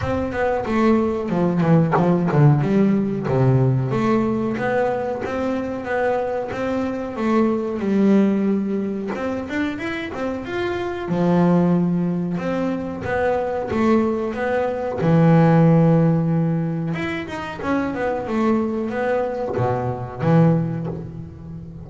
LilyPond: \new Staff \with { instrumentName = "double bass" } { \time 4/4 \tempo 4 = 92 c'8 b8 a4 f8 e8 f8 d8 | g4 c4 a4 b4 | c'4 b4 c'4 a4 | g2 c'8 d'8 e'8 c'8 |
f'4 f2 c'4 | b4 a4 b4 e4~ | e2 e'8 dis'8 cis'8 b8 | a4 b4 b,4 e4 | }